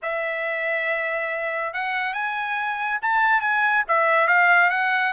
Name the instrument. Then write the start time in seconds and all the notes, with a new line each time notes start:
trumpet
0.02 E5
1.73 F#5
2.13 G#5
3.02 A5
3.41 G#5
3.87 E5
4.27 F5
4.70 F#5